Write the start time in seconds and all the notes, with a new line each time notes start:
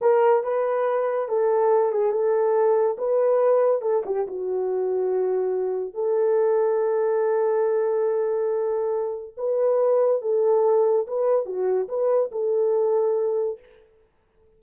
0.01 A#4
0.43 B4
1.28 A4
1.92 G#4
2.11 A4
2.97 B4
3.81 A4
4.05 G4
4.27 F#4
5.94 A4
9.37 B4
10.21 A4
11.07 B4
11.45 F#4
11.88 B4
12.31 A4